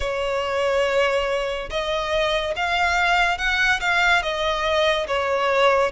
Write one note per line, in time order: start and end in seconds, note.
0.00 1.69 C#5
1.69 2.54 D#5
2.55 3.38 F5
3.38 3.80 F#5
3.80 4.22 F5
4.22 5.07 D#5
5.07 5.92 C#5